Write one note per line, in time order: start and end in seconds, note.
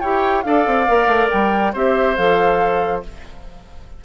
0.00 0.45 E4
0.00 0.44 G4
0.00 0.44 C#5
0.00 0.42 G5
0.42 0.66 D4
0.42 0.87 A4
0.42 1.73 D5
0.42 1.28 F5
0.66 0.88 C4
0.88 1.07 A#3
0.88 1.74 A#4
1.07 1.29 A3
1.30 1.74 G3
1.30 1.74 G5
1.73 2.17 C4
1.73 2.17 G4
1.73 3.02 C5
1.73 2.16 E5
2.16 3.04 F3
2.16 3.03 A4
2.16 3.03 F5